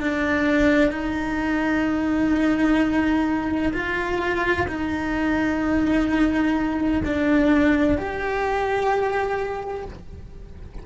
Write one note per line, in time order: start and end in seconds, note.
0.00 0.91 D4
0.91 3.72 D#4
3.73 4.67 F4
4.67 7.02 D#4
7.05 7.98 D4
7.98 9.85 G4